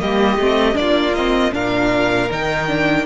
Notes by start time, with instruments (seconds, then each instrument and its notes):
0.00 cello G3, viola A#3, violin G4 D#5
0.38 cello A3, viola C4
0.74 cello A#3, viola D4, violin D5
0.81 violin F4
1.15 viola C4, violin D#5
1.53 cello A#2, viola D4, violin A#4 F5
2.31 cello D#3, viola D#4, violin G5
2.68 viola D4